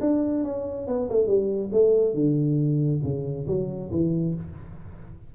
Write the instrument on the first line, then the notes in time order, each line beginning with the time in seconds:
tuba
0.00 D4
0.43 C#4
0.87 B3
1.09 A3
1.26 G3
1.72 A3
2.14 D3
3.03 C#3
3.47 F#3
3.91 E3